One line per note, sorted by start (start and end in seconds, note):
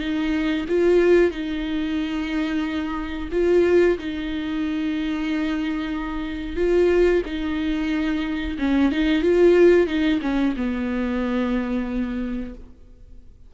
0.00 0.66 D#4
0.69 1.31 F4
1.31 3.29 D#4
3.32 3.98 F4
3.99 6.57 D#4
6.57 7.23 F4
7.26 8.58 D#4
8.59 8.92 C#4
8.92 9.22 D#4
9.22 9.88 F4
9.88 10.20 D#4
10.22 10.55 C#4
10.57 12.55 B3